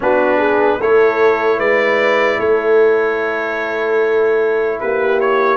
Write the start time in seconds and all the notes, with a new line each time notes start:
0.00 B3 D4 F#4 B4
0.37 G#4
0.80 A3 E4 A4 C#5
1.57 G#3 B4 D5
2.38 A3 A4 C#5
4.79 A#3 G4 B4
5.20 C#5